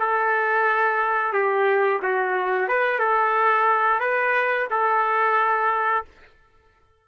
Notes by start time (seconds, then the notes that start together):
0.00 A4
1.33 G4
2.03 F#4
2.69 B4
2.99 A4
4.00 B4
4.71 A4